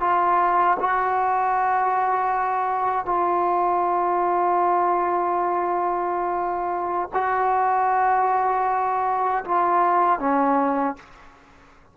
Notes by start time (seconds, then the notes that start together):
0.00 F4
0.79 F#4
3.05 F4
7.13 F#4
9.44 F4
10.19 C#4